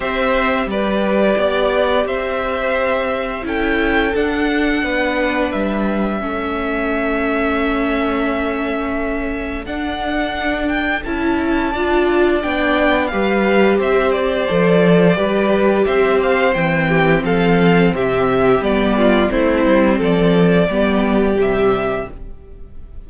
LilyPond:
<<
  \new Staff \with { instrumentName = "violin" } { \time 4/4 \tempo 4 = 87 e''4 d''2 e''4~ | e''4 g''4 fis''2 | e''1~ | e''2 fis''4. g''8 |
a''2 g''4 f''4 | e''8 d''2~ d''8 e''8 f''8 | g''4 f''4 e''4 d''4 | c''4 d''2 e''4 | }
  \new Staff \with { instrumentName = "violin" } { \time 4/4 c''4 b'4 d''4 c''4~ | c''4 a'2 b'4~ | b'4 a'2.~ | a'1~ |
a'4 d''2 b'4 | c''2 b'4 c''4~ | c''8 g'8 a'4 g'4. f'8 | e'4 a'4 g'2 | }
  \new Staff \with { instrumentName = "viola" } { \time 4/4 g'1~ | g'4 e'4 d'2~ | d'4 cis'2.~ | cis'2 d'2 |
e'4 f'4 d'4 g'4~ | g'4 a'4 g'2 | c'2. b4 | c'2 b4 g4 | }
  \new Staff \with { instrumentName = "cello" } { \time 4/4 c'4 g4 b4 c'4~ | c'4 cis'4 d'4 b4 | g4 a2.~ | a2 d'2 |
cis'4 d'4 b4 g4 | c'4 f4 g4 c'4 | e4 f4 c4 g4 | a8 g8 f4 g4 c4 | }
>>